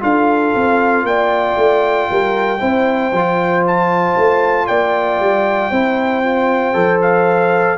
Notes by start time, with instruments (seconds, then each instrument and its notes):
0.00 tuba D4, trombone F4, horn A4, trumpet F5
0.55 tuba C4
1.03 tuba A#3, horn D5, trumpet G5
1.56 tuba A3
2.11 tuba G3, horn A#4
2.60 tuba C4, trombone E4, horn C5
3.12 tuba F3, trombone F4
3.67 trumpet A5
4.17 tuba A3
4.67 tuba A#3, horn D5, trumpet G5
5.20 tuba G3
5.70 tuba C4, trombone E4, horn C5
6.23 trombone F4
6.73 tuba F3, trombone A4
7.02 trumpet F5